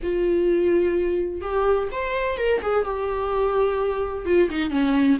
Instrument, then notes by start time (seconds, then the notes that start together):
viola
0.02 F4
1.41 G4
1.91 C5
2.37 A#4
2.61 G#4
2.85 G4
4.25 F4
4.49 D#4
4.70 C#4